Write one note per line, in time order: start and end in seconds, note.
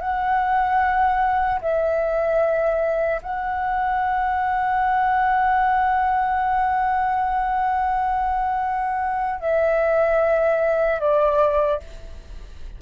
0.00 1.60 F#5
1.61 3.21 E5
3.22 9.40 F#5
9.40 11.00 E5
11.00 11.80 D5